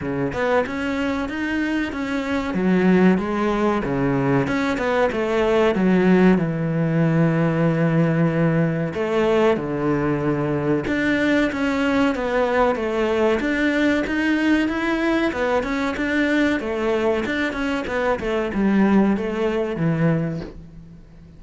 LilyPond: \new Staff \with { instrumentName = "cello" } { \time 4/4 \tempo 4 = 94 cis8 b8 cis'4 dis'4 cis'4 | fis4 gis4 cis4 cis'8 b8 | a4 fis4 e2~ | e2 a4 d4~ |
d4 d'4 cis'4 b4 | a4 d'4 dis'4 e'4 | b8 cis'8 d'4 a4 d'8 cis'8 | b8 a8 g4 a4 e4 | }